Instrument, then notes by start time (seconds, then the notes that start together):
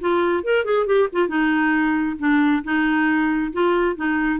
clarinet
0.00 F4
0.43 A#4
0.64 G#4
0.86 G4
1.12 F4
1.28 D#4
2.19 D4
2.64 D#4
3.52 F4
3.95 D#4